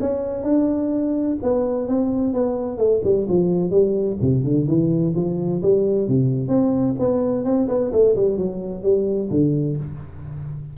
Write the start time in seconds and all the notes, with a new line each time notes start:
0.00 C#4
0.43 D4
1.42 B3
1.88 C4
2.33 B3
2.77 A3
3.03 G3
3.28 F3
3.70 G3
4.21 C3
4.43 D3
4.67 E3
5.15 F3
5.62 G3
6.08 C3
6.48 C4
6.99 B3
7.44 C4
7.68 B3
7.92 A3
8.15 G3
8.37 F#3
8.82 G3
9.30 D3